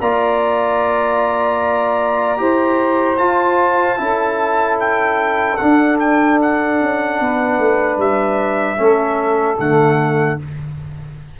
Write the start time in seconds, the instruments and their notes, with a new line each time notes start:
0.00 tuba A#3, trombone F4, saxophone D5, trumpet A#5
2.37 tuba E4, trombone G4, saxophone C5
3.18 trombone F4, tuba F4, trumpet A5
3.98 tuba C#4, trombone E4, saxophone A4
4.80 trumpet G5
5.57 trombone D4, tuba D4, trumpet F#5
6.00 trumpet G5
6.42 trumpet F#5
6.81 tuba C#4
7.20 tuba B3, saxophone B4
7.59 tuba A3
7.98 tuba G3, trumpet E5
8.77 tuba A3, trombone C#4, saxophone A4
9.59 tuba D3, trombone A3, trumpet F#5